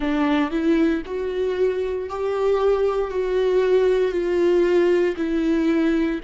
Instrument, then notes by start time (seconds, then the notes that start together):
viola
0.00 D4
0.50 E4
1.05 F#4
2.09 G4
3.10 F#4
4.11 F4
5.16 E4